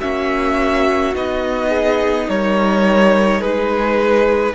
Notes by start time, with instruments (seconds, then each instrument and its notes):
0.00 cello A#3, viola C#4, violin F#4 E5
1.15 cello B3, viola D#4, violin D#5
1.69 violin G#4
2.29 cello G3, violin A#4 C#5
3.41 cello G#3, violin G#4 B4